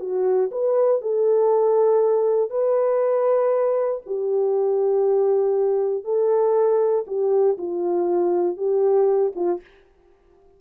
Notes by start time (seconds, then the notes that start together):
0.00 F#4
0.52 B4
1.02 A4
2.50 B4
4.07 G4
6.05 A4
7.07 G4
7.58 F4
8.57 G4
9.36 F4